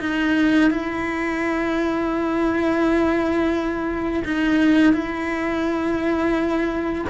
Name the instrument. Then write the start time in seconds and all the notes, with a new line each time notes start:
cello
0.00 D#4
0.71 E4
4.25 D#4
4.93 E4